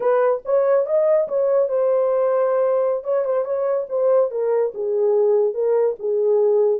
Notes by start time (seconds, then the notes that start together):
0.00 B4
0.45 C#5
0.85 D#5
1.27 C#5
1.69 C5
3.04 C#5
3.25 C5
3.44 C#5
3.89 C5
4.30 A#4
4.74 G#4
5.54 A#4
5.99 G#4